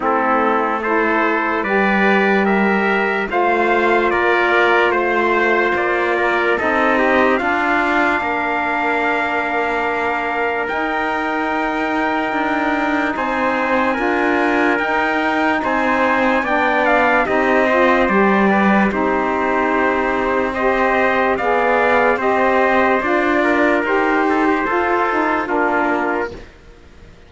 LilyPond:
<<
  \new Staff \with { instrumentName = "trumpet" } { \time 4/4 \tempo 4 = 73 a'4 c''4 d''4 e''4 | f''4 d''4 c''4 d''4 | dis''4 f''2.~ | f''4 g''2. |
gis''2 g''4 gis''4 | g''8 f''8 dis''4 d''4 c''4~ | c''4 dis''4 f''4 dis''4 | d''4 c''2 ais'4 | }
  \new Staff \with { instrumentName = "trumpet" } { \time 4/4 e'4 a'4 b'4 ais'4 | c''4 ais'4 c''4. ais'8 | a'8 g'8 f'4 ais'2~ | ais'1 |
c''4 ais'2 c''4 | d''4 g'8 c''4 b'8 g'4~ | g'4 c''4 d''4 c''4~ | c''8 ais'4 a'16 g'16 a'4 f'4 | }
  \new Staff \with { instrumentName = "saxophone" } { \time 4/4 c'4 e'4 g'2 | f'1 | dis'4 d'2.~ | d'4 dis'2.~ |
dis'4 f'4 dis'2 | d'4 dis'8 f'8 g'4 dis'4~ | dis'4 g'4 gis'4 g'4 | f'4 g'4 f'8 dis'8 d'4 | }
  \new Staff \with { instrumentName = "cello" } { \time 4/4 a2 g2 | a4 ais4 a4 ais4 | c'4 d'4 ais2~ | ais4 dis'2 d'4 |
c'4 d'4 dis'4 c'4 | b4 c'4 g4 c'4~ | c'2 b4 c'4 | d'4 dis'4 f'4 ais4 | }
>>